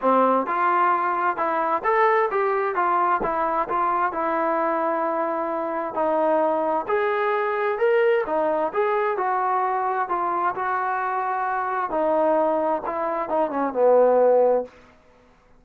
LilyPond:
\new Staff \with { instrumentName = "trombone" } { \time 4/4 \tempo 4 = 131 c'4 f'2 e'4 | a'4 g'4 f'4 e'4 | f'4 e'2.~ | e'4 dis'2 gis'4~ |
gis'4 ais'4 dis'4 gis'4 | fis'2 f'4 fis'4~ | fis'2 dis'2 | e'4 dis'8 cis'8 b2 | }